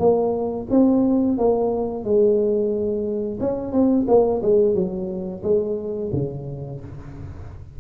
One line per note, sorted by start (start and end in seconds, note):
0.00 0.67 A#3
0.71 1.38 C4
1.39 2.05 A#3
2.05 3.40 G#3
3.40 3.73 C#4
3.73 4.06 C4
4.08 4.42 A#3
4.43 4.75 G#3
4.75 5.43 F#3
5.44 6.11 G#3
6.13 6.81 C#3